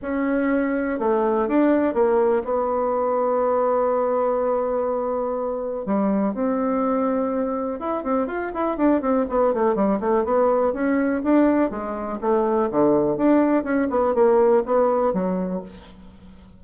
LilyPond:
\new Staff \with { instrumentName = "bassoon" } { \time 4/4 \tempo 4 = 123 cis'2 a4 d'4 | ais4 b2.~ | b1 | g4 c'2. |
e'8 c'8 f'8 e'8 d'8 c'8 b8 a8 | g8 a8 b4 cis'4 d'4 | gis4 a4 d4 d'4 | cis'8 b8 ais4 b4 fis4 | }